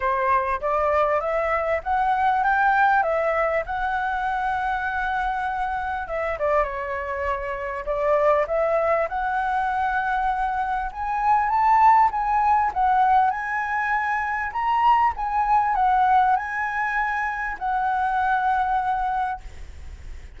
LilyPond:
\new Staff \with { instrumentName = "flute" } { \time 4/4 \tempo 4 = 99 c''4 d''4 e''4 fis''4 | g''4 e''4 fis''2~ | fis''2 e''8 d''8 cis''4~ | cis''4 d''4 e''4 fis''4~ |
fis''2 gis''4 a''4 | gis''4 fis''4 gis''2 | ais''4 gis''4 fis''4 gis''4~ | gis''4 fis''2. | }